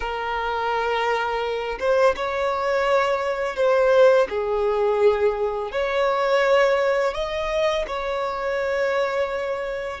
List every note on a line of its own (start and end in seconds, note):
0.00 1.78 A#4
1.79 2.15 C5
2.16 3.56 C#5
3.56 4.27 C5
4.29 5.71 G#4
5.71 7.14 C#5
7.14 7.85 D#5
7.87 10.00 C#5